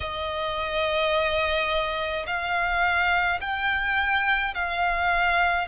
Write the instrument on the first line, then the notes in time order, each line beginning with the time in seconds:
violin
0.00 D#5
2.26 F5
3.41 G5
4.54 F5